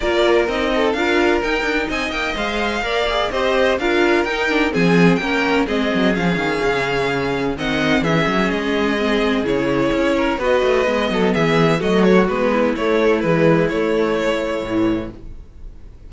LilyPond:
<<
  \new Staff \with { instrumentName = "violin" } { \time 4/4 \tempo 4 = 127 d''4 dis''4 f''4 g''4 | gis''8 g''8 f''2 dis''4 | f''4 g''4 gis''4 g''4 | dis''4 f''2. |
fis''4 e''4 dis''2 | cis''2 dis''2 | e''4 dis''8 cis''8 b'4 cis''4 | b'4 cis''2. | }
  \new Staff \with { instrumentName = "violin" } { \time 4/4 ais'4. a'8 ais'2 | dis''2 d''4 c''4 | ais'2 gis'4 ais'4 | gis'1 |
dis''4 gis'2.~ | gis'4. ais'8 b'4. a'8 | gis'4 fis'4. e'4.~ | e'1 | }
  \new Staff \with { instrumentName = "viola" } { \time 4/4 f'4 dis'4 f'4 dis'4~ | dis'4 c''4 ais'8 gis'8 g'4 | f'4 dis'8 d'8 c'4 cis'4 | c'4 cis'2. |
c'4 cis'2 c'4 | e'2 fis'4 b4~ | b4 a4 b4 a4 | gis4 a2 e4 | }
  \new Staff \with { instrumentName = "cello" } { \time 4/4 ais4 c'4 d'4 dis'8 d'8 | c'8 ais8 gis4 ais4 c'4 | d'4 dis'4 f4 ais4 | gis8 fis8 f8 dis8 cis2 |
dis4 e8 fis8 gis2 | cis4 cis'4 b8 a8 gis8 fis8 | e4 fis4 gis4 a4 | e4 a2 a,4 | }
>>